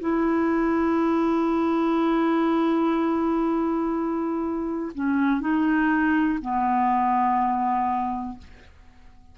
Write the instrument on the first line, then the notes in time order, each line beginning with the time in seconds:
clarinet
0.00 E4
4.94 C#4
5.40 D#4
6.41 B3